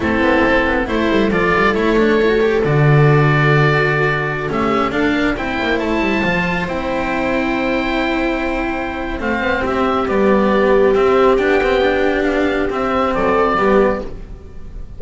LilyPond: <<
  \new Staff \with { instrumentName = "oboe" } { \time 4/4 \tempo 4 = 137 a'2 c''4 d''4 | cis''2 d''2~ | d''2~ d''16 e''4 f''8.~ | f''16 g''4 a''2 g''8.~ |
g''1~ | g''4 f''4 e''4 d''4~ | d''4 e''4 g''2 | f''4 e''4 d''2 | }
  \new Staff \with { instrumentName = "viola" } { \time 4/4 e'2 a'2~ | a'1~ | a'2~ a'16 g'4 a'8 ais'16~ | ais'16 c''2.~ c''8.~ |
c''1~ | c''2 g'2~ | g'1~ | g'2 a'4 g'4 | }
  \new Staff \with { instrumentName = "cello" } { \time 4/4 c'2 e'4 f'4 | e'8 d'8 e'16 fis'16 g'8 fis'2~ | fis'2~ fis'16 cis'4 d'8.~ | d'16 e'2 f'4 e'8.~ |
e'1~ | e'4 c'2 b4~ | b4 c'4 d'8 c'8 d'4~ | d'4 c'2 b4 | }
  \new Staff \with { instrumentName = "double bass" } { \time 4/4 a8 b8 c'8 b8 a8 g8 f8 g8 | a2 d2~ | d2~ d16 a4 d'8.~ | d'16 c'8 ais8 a8 g8 f4 c'8.~ |
c'1~ | c'4 a8 b8 c'4 g4~ | g4 c'4 b2~ | b4 c'4 fis4 g4 | }
>>